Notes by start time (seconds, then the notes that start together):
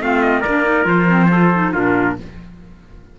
0.00 A3 C4 F4 F5
0.22 D#5
0.41 A#4 D5
0.47 A#3 D4
0.64 D#4
0.84 F3 F4 C5
1.08 C4
1.31 F4 A4
1.54 D#4
1.73 A#2 D4 F4 A#4